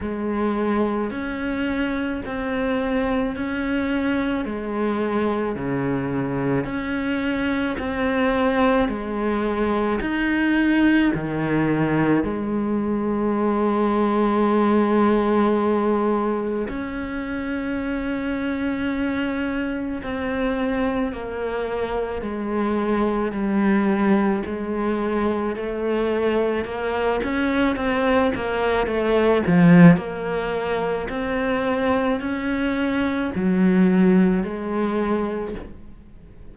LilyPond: \new Staff \with { instrumentName = "cello" } { \time 4/4 \tempo 4 = 54 gis4 cis'4 c'4 cis'4 | gis4 cis4 cis'4 c'4 | gis4 dis'4 dis4 gis4~ | gis2. cis'4~ |
cis'2 c'4 ais4 | gis4 g4 gis4 a4 | ais8 cis'8 c'8 ais8 a8 f8 ais4 | c'4 cis'4 fis4 gis4 | }